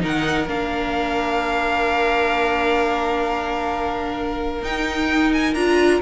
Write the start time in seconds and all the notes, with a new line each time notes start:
0.00 D#3 D#4 A#4 F#5
0.47 A#3 D4 F5
4.62 D#4 G5
5.32 G#5
5.54 D4 F4 A#5